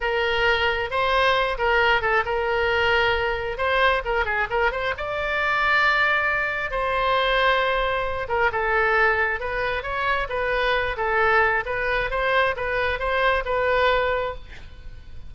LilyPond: \new Staff \with { instrumentName = "oboe" } { \time 4/4 \tempo 4 = 134 ais'2 c''4. ais'8~ | ais'8 a'8 ais'2. | c''4 ais'8 gis'8 ais'8 c''8 d''4~ | d''2. c''4~ |
c''2~ c''8 ais'8 a'4~ | a'4 b'4 cis''4 b'4~ | b'8 a'4. b'4 c''4 | b'4 c''4 b'2 | }